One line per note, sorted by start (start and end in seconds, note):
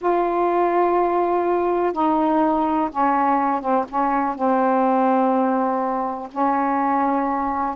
0.01 1.92 F4
1.92 2.89 D#4
2.91 3.60 C#4
3.60 3.85 C4
3.88 4.35 C#4
4.35 6.28 C4
6.31 7.75 C#4